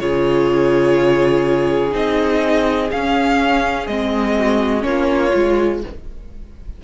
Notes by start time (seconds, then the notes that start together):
0.00 C#3 F4 G#4 C#5
1.91 C4 D#4 D#5
2.91 C#4 F5
3.87 G#3 C4 D#5
4.37 F#4
4.80 A#3 C#4 F4 C#5
5.33 G#3 F4